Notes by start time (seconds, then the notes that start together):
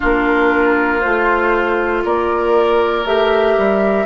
0.00 A#3 D4 F4 A#4
1.00 A3 F4 C5
2.04 A#3 A#4 D5
3.05 A3 G4 E5
3.57 G3